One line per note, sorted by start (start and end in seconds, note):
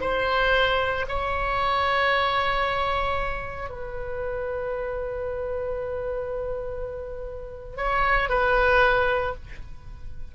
0.00 1.05 C5
1.08 3.69 C#5
3.69 7.76 B4
7.76 8.29 C#5
8.29 9.34 B4